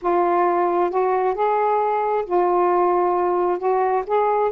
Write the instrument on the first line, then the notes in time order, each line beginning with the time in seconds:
saxophone
0.02 F4
0.90 F#4
1.34 G#4
2.25 F4
3.58 F#4
4.06 G#4